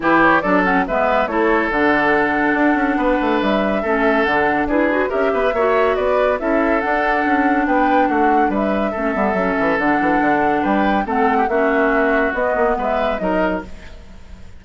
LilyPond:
<<
  \new Staff \with { instrumentName = "flute" } { \time 4/4 \tempo 4 = 141 b'8 cis''8 d''8 fis''8 e''4 cis''4 | fis''1 | e''2 fis''4 b'4 | e''2 d''4 e''4 |
fis''2 g''4 fis''4 | e''2. fis''4~ | fis''4 g''4 fis''4 e''4~ | e''4 dis''4 e''4 dis''4 | }
  \new Staff \with { instrumentName = "oboe" } { \time 4/4 g'4 a'4 b'4 a'4~ | a'2. b'4~ | b'4 a'2 gis'4 | ais'8 b'8 cis''4 b'4 a'4~ |
a'2 b'4 fis'4 | b'4 a'2.~ | a'4 b'4 a'8. g'16 fis'4~ | fis'2 b'4 ais'4 | }
  \new Staff \with { instrumentName = "clarinet" } { \time 4/4 e'4 d'8 cis'8 b4 e'4 | d'1~ | d'4 cis'4 d'4 e'8 fis'8 | g'4 fis'2 e'4 |
d'1~ | d'4 cis'8 b8 cis'4 d'4~ | d'2 c'4 cis'4~ | cis'4 b2 dis'4 | }
  \new Staff \with { instrumentName = "bassoon" } { \time 4/4 e4 fis4 gis4 a4 | d2 d'8 cis'8 b8 a8 | g4 a4 d4 d'4 | cis'8 b8 ais4 b4 cis'4 |
d'4 cis'4 b4 a4 | g4 a8 g8 fis8 e8 d8 e8 | d4 g4 a4 ais4~ | ais4 b8 ais8 gis4 fis4 | }
>>